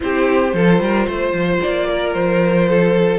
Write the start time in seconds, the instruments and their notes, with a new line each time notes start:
0.00 cello C4, viola E4, violin G4 C5
0.53 cello F3, viola F4, violin A4
0.79 cello G3, violin A#4
1.06 cello A3, violin C5
1.32 cello F3
1.62 cello A#3, violin D5
1.89 violin A#4
2.13 cello F3, violin C5
2.68 violin A4